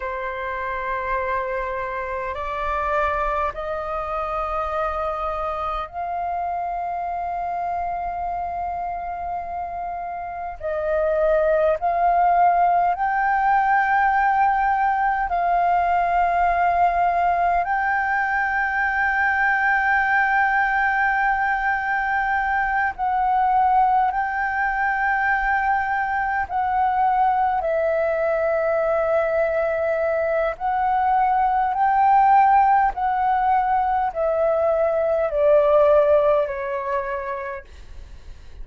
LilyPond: \new Staff \with { instrumentName = "flute" } { \time 4/4 \tempo 4 = 51 c''2 d''4 dis''4~ | dis''4 f''2.~ | f''4 dis''4 f''4 g''4~ | g''4 f''2 g''4~ |
g''2.~ g''8 fis''8~ | fis''8 g''2 fis''4 e''8~ | e''2 fis''4 g''4 | fis''4 e''4 d''4 cis''4 | }